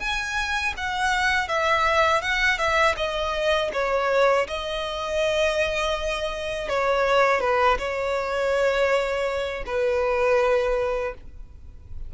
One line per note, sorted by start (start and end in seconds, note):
0.00 0.74 G#5
0.77 1.48 F#5
1.48 2.22 E5
2.22 2.58 F#5
2.58 2.95 E5
2.97 3.71 D#5
3.73 4.47 C#5
4.47 6.69 D#5
6.69 7.41 C#5
7.41 7.78 B4
7.78 9.64 C#5
9.66 11.14 B4